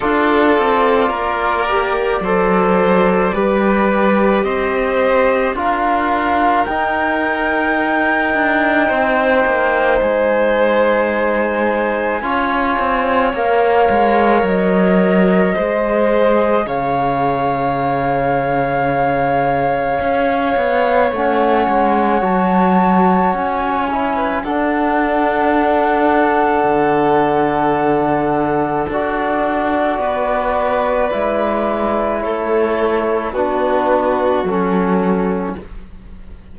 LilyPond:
<<
  \new Staff \with { instrumentName = "flute" } { \time 4/4 \tempo 4 = 54 d''1 | dis''4 f''4 g''2~ | g''4 gis''2. | f''4 dis''2 f''4~ |
f''2. fis''4 | a''4 gis''4 fis''2~ | fis''2 d''2~ | d''4 cis''4 b'4 a'4 | }
  \new Staff \with { instrumentName = "violin" } { \time 4/4 a'4 ais'4 c''4 b'4 | c''4 ais'2. | c''2. cis''4~ | cis''2 c''4 cis''4~ |
cis''1~ | cis''4.~ cis''16 b'16 a'2~ | a'2. b'4~ | b'4 a'4 fis'2 | }
  \new Staff \with { instrumentName = "trombone" } { \time 4/4 f'4. g'8 a'4 g'4~ | g'4 f'4 dis'2~ | dis'2. f'4 | ais'2 gis'2~ |
gis'2. cis'4 | fis'4. e'8 d'2~ | d'2 fis'2 | e'2 d'4 cis'4 | }
  \new Staff \with { instrumentName = "cello" } { \time 4/4 d'8 c'8 ais4 fis4 g4 | c'4 d'4 dis'4. d'8 | c'8 ais8 gis2 cis'8 c'8 | ais8 gis8 fis4 gis4 cis4~ |
cis2 cis'8 b8 a8 gis8 | fis4 cis'4 d'2 | d2 d'4 b4 | gis4 a4 b4 fis4 | }
>>